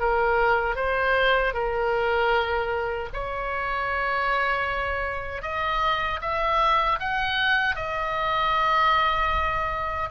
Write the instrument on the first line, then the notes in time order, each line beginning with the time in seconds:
oboe
0.00 A#4
0.76 C5
1.54 A#4
3.13 C#5
5.43 D#5
6.22 E5
7.00 F#5
7.76 D#5